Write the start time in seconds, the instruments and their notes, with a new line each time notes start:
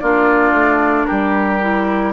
0.00 bassoon A#3, clarinet D4, oboe F4, flute D5
0.52 bassoon A3
1.06 bassoon G3, oboe G4, flute A#4
1.61 clarinet E4